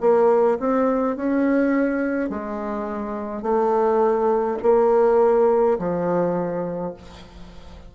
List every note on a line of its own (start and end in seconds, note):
0.00 0.58 A#3
0.59 1.16 C4
1.16 2.29 C#4
2.29 3.42 G#3
3.42 4.57 A3
4.62 5.77 A#3
5.78 6.94 F3